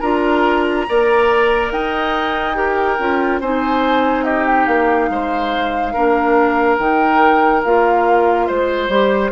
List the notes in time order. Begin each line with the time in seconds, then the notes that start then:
0.00 D4 F4 A#4 A#5
0.89 A#3 A#4 D5
1.71 D#4 D#5 G5
2.55 G4 A#4
2.99 C#4 F4
3.41 C4 D#4 C5 G#5
4.24 G4 D#5
4.46 G5
4.66 A#3 F5
5.10 G#3 C5
5.93 A#3 D4 A#4
6.79 D#3 D#4 G5
7.64 A#3 F4 F5
8.47 G#3 C5
8.89 G3 G4